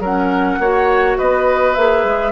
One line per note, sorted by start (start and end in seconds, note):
0.00 0.58 F#3
0.00 0.62 C#4
0.00 0.59 A#4
0.00 1.19 F#5
0.59 1.17 A#3
0.59 1.77 F#4
0.59 1.18 C#5
1.18 1.77 B3
1.18 2.32 B4
1.18 1.74 D#5
1.74 2.05 A#3
1.74 2.32 G#4
1.74 2.32 E5
2.05 2.32 G#3